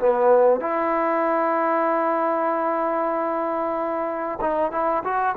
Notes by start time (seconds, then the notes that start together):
0.00 B3
0.61 E4
4.41 D#4
4.72 E4
5.04 F#4